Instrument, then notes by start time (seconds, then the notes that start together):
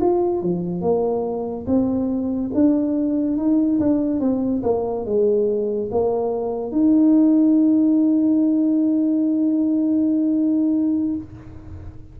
tuba
0.00 F4
0.41 F3
0.81 A#3
1.66 C4
2.54 D4
3.36 D#4
3.79 D4
4.19 C4
4.62 A#3
5.05 G#3
5.91 A#3
6.71 D#4